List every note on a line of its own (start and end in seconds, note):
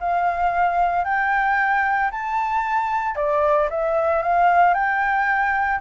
0.00 1.04 F5
1.04 2.10 G5
2.11 3.15 A5
3.15 3.69 D5
3.70 4.22 E5
4.22 4.74 F5
4.74 5.80 G5